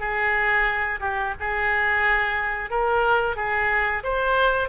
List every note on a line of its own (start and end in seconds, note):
0.00 1.00 G#4
1.01 1.34 G4
1.40 2.71 G#4
2.71 3.37 A#4
3.37 4.03 G#4
4.04 4.69 C5